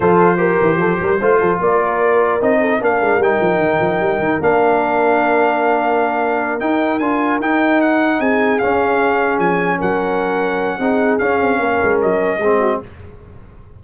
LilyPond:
<<
  \new Staff \with { instrumentName = "trumpet" } { \time 4/4 \tempo 4 = 150 c''1 | d''2 dis''4 f''4 | g''2. f''4~ | f''1~ |
f''8 g''4 gis''4 g''4 fis''8~ | fis''8 gis''4 f''2 gis''8~ | gis''8 fis''2.~ fis''8 | f''2 dis''2 | }
  \new Staff \with { instrumentName = "horn" } { \time 4/4 a'4 ais'4 a'8 ais'8 c''8 a'8 | ais'2~ ais'8 a'8 ais'4~ | ais'1~ | ais'1~ |
ais'1~ | ais'8 gis'2.~ gis'8~ | gis'8 ais'2~ ais'8 gis'4~ | gis'4 ais'2 gis'8 fis'8 | }
  \new Staff \with { instrumentName = "trombone" } { \time 4/4 f'4 g'2 f'4~ | f'2 dis'4 d'4 | dis'2. d'4~ | d'1~ |
d'8 dis'4 f'4 dis'4.~ | dis'4. cis'2~ cis'8~ | cis'2. dis'4 | cis'2. c'4 | }
  \new Staff \with { instrumentName = "tuba" } { \time 4/4 f4. e8 f8 g8 a8 f8 | ais2 c'4 ais8 gis8 | g8 f8 dis8 f8 g8 dis8 ais4~ | ais1~ |
ais8 dis'4 d'4 dis'4.~ | dis'8 c'4 cis'2 f8~ | f8 fis2~ fis8 c'4 | cis'8 c'8 ais8 gis8 fis4 gis4 | }
>>